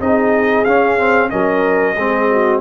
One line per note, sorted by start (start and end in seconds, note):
0.00 0.65 C4
0.00 0.65 D#4
0.00 1.31 G#4
0.00 0.64 D#5
0.64 1.31 C#4
0.64 0.98 C#4
0.64 1.29 F5
0.98 1.30 C4
1.30 1.96 F#3
1.30 1.95 C#4
1.30 1.96 A#4
1.30 2.61 D#5
1.96 2.61 G#3
1.96 2.61 C4
1.96 2.29 G#4
2.30 2.61 F#4